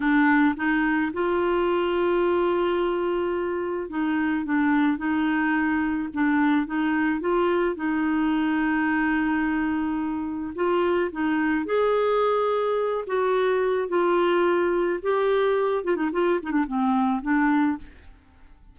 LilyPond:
\new Staff \with { instrumentName = "clarinet" } { \time 4/4 \tempo 4 = 108 d'4 dis'4 f'2~ | f'2. dis'4 | d'4 dis'2 d'4 | dis'4 f'4 dis'2~ |
dis'2. f'4 | dis'4 gis'2~ gis'8 fis'8~ | fis'4 f'2 g'4~ | g'8 f'16 dis'16 f'8 dis'16 d'16 c'4 d'4 | }